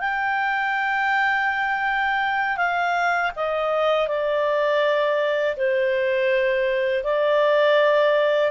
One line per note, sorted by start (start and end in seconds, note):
0.00 2.57 G5
2.57 3.31 F5
3.36 4.08 D#5
4.08 5.56 D5
5.57 7.04 C5
7.04 8.52 D5